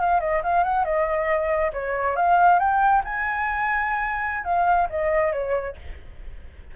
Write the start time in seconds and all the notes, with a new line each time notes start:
0.00 F5
0.20 D#5
0.43 F5
0.64 F#5
0.85 D#5
1.73 C#5
2.16 F5
2.59 G5
3.05 G#5
4.45 F5
4.90 D#5
5.33 C#5